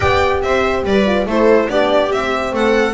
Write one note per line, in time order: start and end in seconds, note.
0.00 0.43 B3
0.00 1.04 G4
0.00 0.41 D5
0.00 0.40 G5
0.42 0.83 C4
0.42 0.85 C5
0.42 0.84 E5
0.83 1.25 G3
0.83 1.27 B4
0.83 1.28 D5
1.06 1.27 F4
1.25 1.67 A3
1.25 1.68 E4
1.25 1.70 A4
1.25 1.69 C5
1.68 2.12 B3
1.68 2.11 D4
1.68 2.54 G4
1.68 2.12 D5
2.12 2.52 C4
2.12 2.94 C4
2.12 2.54 E5
2.52 2.94 A3
2.52 2.94 A4
2.52 2.94 F#5